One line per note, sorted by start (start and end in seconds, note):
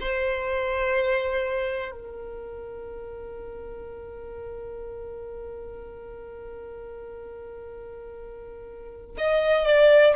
0.00 1.90 C5
1.90 9.16 A#4
9.17 9.66 D#5
9.66 10.14 D5